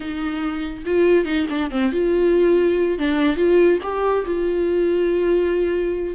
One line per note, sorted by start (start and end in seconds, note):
0.00 0.83 D#4
0.85 1.25 F4
1.25 1.46 D#4
1.49 1.70 D4
1.70 1.91 C4
1.92 2.98 F4
2.98 3.36 D4
3.36 3.78 F4
3.82 4.25 G4
4.25 6.15 F4